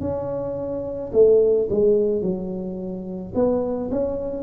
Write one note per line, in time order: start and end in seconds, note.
0.00 1.11 C#4
1.13 1.68 A3
1.70 2.22 G#3
2.22 3.33 F#3
3.35 3.90 B3
3.91 4.43 C#4